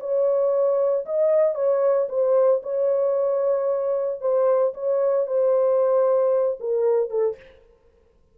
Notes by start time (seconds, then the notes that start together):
0.00 C#5
1.06 D#5
1.55 C#5
2.09 C5
2.63 C#5
4.21 C5
4.74 C#5
5.27 C5
6.60 A#4
7.10 A4